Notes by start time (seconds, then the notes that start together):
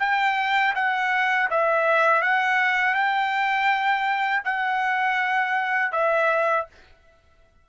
0.00 G5
0.75 F#5
1.51 E5
2.23 F#5
2.95 G5
4.44 F#5
5.92 E5